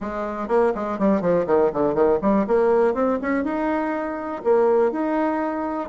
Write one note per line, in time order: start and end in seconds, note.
0.00 0.48 G#3
0.48 0.72 A#3
0.74 0.98 G#3
0.98 1.21 G3
1.21 1.46 F3
1.46 1.71 D#3
1.73 1.94 D3
1.94 2.19 D#3
2.21 2.46 G3
2.47 2.94 A#3
2.94 3.18 C4
3.21 3.44 C#4
3.44 4.42 D#4
4.44 4.91 A#3
4.91 5.89 D#4